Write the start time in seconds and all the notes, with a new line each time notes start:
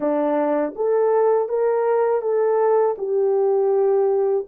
0.00 D4
0.75 A4
1.48 A#4
2.21 A4
2.98 G4